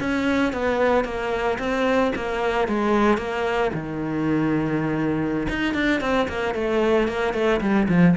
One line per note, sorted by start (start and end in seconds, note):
0.00 0.53 C#4
0.53 1.04 B3
1.04 1.58 A#3
1.59 2.12 C4
2.15 2.68 A#3
2.68 3.18 G#3
3.18 3.71 A#3
3.74 5.48 D#3
5.49 5.74 D#4
5.74 6.01 D4
6.01 6.28 C4
6.28 6.54 A#3
6.54 7.08 A3
7.08 7.34 A#3
7.34 7.60 A3
7.61 7.87 G3
7.88 8.15 F3